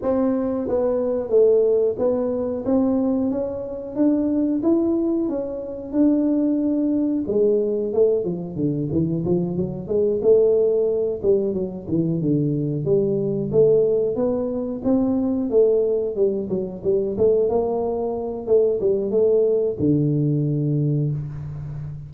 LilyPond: \new Staff \with { instrumentName = "tuba" } { \time 4/4 \tempo 4 = 91 c'4 b4 a4 b4 | c'4 cis'4 d'4 e'4 | cis'4 d'2 gis4 | a8 f8 d8 e8 f8 fis8 gis8 a8~ |
a4 g8 fis8 e8 d4 g8~ | g8 a4 b4 c'4 a8~ | a8 g8 fis8 g8 a8 ais4. | a8 g8 a4 d2 | }